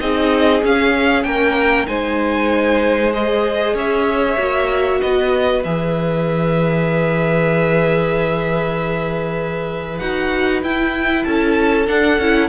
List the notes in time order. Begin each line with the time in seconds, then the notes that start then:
0.00 C4 D#4 G#4 D#5
0.63 C#4 F5
1.24 A#3 A#4 G5
1.87 G#3 D#4 C5 G#5
3.14 G#4 D#5
3.74 C#4 C#5 E5
4.38 A#3 F#4
5.01 B3 B4 D#5
5.63 E3 G#4 E5
9.98 D#4 F#4 F#5
10.63 E4 G5
11.24 C#4 A4 A5
11.86 D4 F#5
12.18 C#4 E4